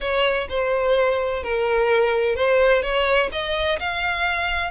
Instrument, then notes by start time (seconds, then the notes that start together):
violin
0.00 C#5
0.49 C5
1.43 A#4
2.35 C5
2.82 C#5
3.32 D#5
3.79 F5